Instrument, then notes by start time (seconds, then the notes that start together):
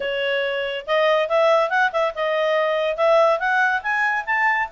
clarinet
0.00 C#5
0.86 D#5
1.28 E5
1.69 F#5
1.92 E5
2.15 D#5
2.97 E5
3.39 F#5
3.82 G#5
4.26 A5